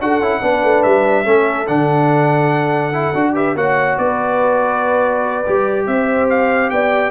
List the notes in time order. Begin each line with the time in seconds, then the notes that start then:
0.00 D4 F#4 A4 F#5
0.20 C#4 E4
0.40 B3 D4 B4
0.63 A3
0.83 G3 E5
1.23 A3 C#4 A4
1.67 D3 D4 F#5
2.92 E4
3.14 D4 F#4
3.34 G4 B4 E5
3.55 A#3 F#4 C#5 F#5
3.98 B3 B4 D5
5.46 G3 G4
5.86 C4 C5 E5
6.29 F5
6.69 B3 D5 G5